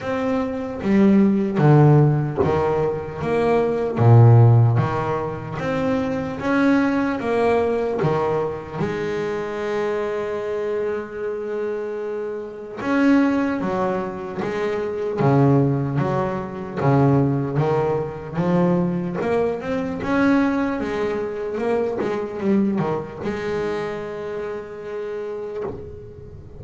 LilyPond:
\new Staff \with { instrumentName = "double bass" } { \time 4/4 \tempo 4 = 75 c'4 g4 d4 dis4 | ais4 ais,4 dis4 c'4 | cis'4 ais4 dis4 gis4~ | gis1 |
cis'4 fis4 gis4 cis4 | fis4 cis4 dis4 f4 | ais8 c'8 cis'4 gis4 ais8 gis8 | g8 dis8 gis2. | }